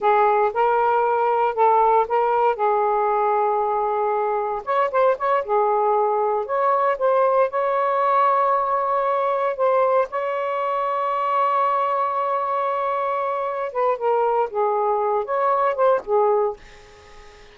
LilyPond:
\new Staff \with { instrumentName = "saxophone" } { \time 4/4 \tempo 4 = 116 gis'4 ais'2 a'4 | ais'4 gis'2.~ | gis'4 cis''8 c''8 cis''8 gis'4.~ | gis'8 cis''4 c''4 cis''4.~ |
cis''2~ cis''8 c''4 cis''8~ | cis''1~ | cis''2~ cis''8 b'8 ais'4 | gis'4. cis''4 c''8 gis'4 | }